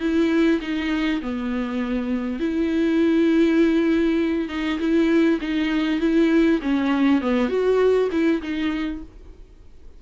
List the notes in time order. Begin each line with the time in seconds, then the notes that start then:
0.00 E4
0.61 D#4
1.21 B3
2.39 E4
4.49 D#4
4.79 E4
5.41 D#4
6.00 E4
6.62 C#4
7.21 B3
7.49 F#4
8.11 E4
8.42 D#4